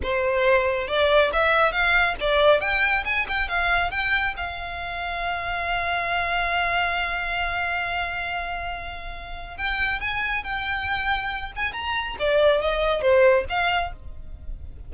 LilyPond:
\new Staff \with { instrumentName = "violin" } { \time 4/4 \tempo 4 = 138 c''2 d''4 e''4 | f''4 d''4 g''4 gis''8 g''8 | f''4 g''4 f''2~ | f''1~ |
f''1~ | f''2 g''4 gis''4 | g''2~ g''8 gis''8 ais''4 | d''4 dis''4 c''4 f''4 | }